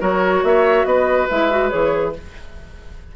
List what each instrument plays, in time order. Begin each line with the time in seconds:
0.00 bassoon F#3, clarinet F#4, oboe A#4, flute C#5
0.43 bassoon A#3, oboe C#5, flute E5
0.85 bassoon B3, oboe B4, flute D#5
1.29 bassoon G#3, clarinet E4, flute E5
1.50 clarinet F#4
1.69 bassoon E3, clarinet G#4, flute C#5